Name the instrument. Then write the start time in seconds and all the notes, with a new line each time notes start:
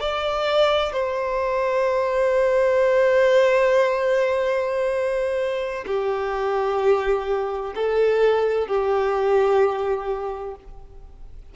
violin
0.00 D5
0.92 C5
5.86 G4
7.75 A4
8.67 G4